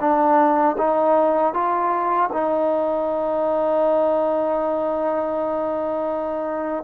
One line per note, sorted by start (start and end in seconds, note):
0.00 0.76 D4
0.78 1.54 D#4
1.54 2.30 F4
2.32 6.84 D#4